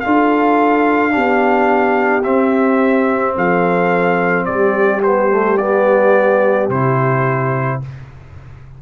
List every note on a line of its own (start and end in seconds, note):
0.00 1.16 D4
0.00 1.11 F4
0.00 1.12 A4
0.00 2.22 F5
1.11 2.24 B3
1.11 2.22 D4
1.11 3.35 G4
2.23 5.02 C4
2.23 3.35 C4
2.23 3.34 E5
3.35 4.47 F3
3.35 4.47 A4
3.35 4.45 F5
4.45 6.68 G3
4.45 7.80 G4
4.45 5.01 D5
5.02 5.30 B3
5.02 5.57 C5
5.30 5.58 A3
5.57 6.70 B3
5.57 6.68 D5
6.68 7.79 C3
6.68 7.81 E4
6.68 7.81 C5